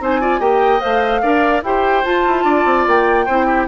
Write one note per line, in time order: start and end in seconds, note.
0.00 0.39 C4
0.00 0.20 D#4
0.00 0.20 C5
0.00 0.41 G#5
0.20 0.39 F4
0.20 0.39 D5
0.39 0.80 A#3
0.39 0.79 G4
0.39 1.21 D#5
0.39 0.80 G5
0.79 1.22 A3
0.79 1.20 C5
0.79 1.62 F5
1.21 1.62 D4
1.21 1.63 A#4
1.21 1.62 D5
1.62 2.03 E4
1.62 2.03 G4
1.62 2.44 C5
1.62 2.04 G5
2.03 3.26 F4
2.03 2.26 F4
2.03 2.86 A5
2.26 2.44 E4
2.44 2.64 D4
2.44 3.25 D5
2.65 2.85 C4
2.87 3.27 A#3
2.87 3.67 G5
3.25 3.67 C4
3.25 3.67 E4
3.25 3.45 C5
3.45 3.66 G4